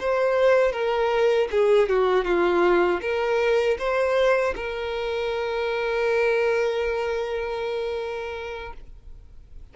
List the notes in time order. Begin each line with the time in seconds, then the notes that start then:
0.00 C5
0.72 A#4
1.51 G#4
1.89 F#4
2.25 F4
3.02 A#4
3.79 C5
4.56 A#4